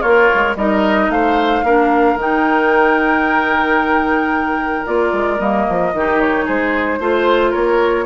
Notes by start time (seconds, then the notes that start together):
0.00 A#3 F4 A#4 C#5
0.34 G#3
0.55 G3 D#4 A#4 D#5
1.08 A3 C5 F5
1.63 A#3 D4 A#4
2.15 D#3 D#4 G5
4.85 A#3 F4 D5
5.12 G#3
5.38 G3 A#3 D#5
5.69 F3
5.93 D#3 D#4 G4
6.20 C#5
6.45 G#3 G#4 C5
6.99 A3 F4 C5
7.51 A#3 A#4 C#5